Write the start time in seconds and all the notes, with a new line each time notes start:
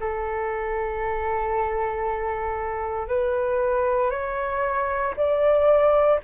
0.00 A4
3.08 B4
4.11 C#5
5.16 D5